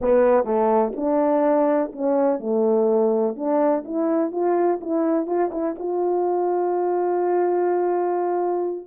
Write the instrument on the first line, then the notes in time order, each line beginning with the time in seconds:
horn
0.01 B3
0.44 A3
0.96 D4
1.92 C#4
2.39 A3
3.35 D4
3.84 E4
4.31 F4
4.80 E4
5.26 F4
5.51 E4
5.78 F4